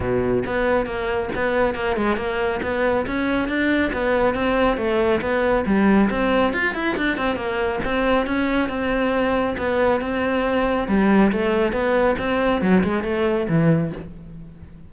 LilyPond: \new Staff \with { instrumentName = "cello" } { \time 4/4 \tempo 4 = 138 b,4 b4 ais4 b4 | ais8 gis8 ais4 b4 cis'4 | d'4 b4 c'4 a4 | b4 g4 c'4 f'8 e'8 |
d'8 c'8 ais4 c'4 cis'4 | c'2 b4 c'4~ | c'4 g4 a4 b4 | c'4 fis8 gis8 a4 e4 | }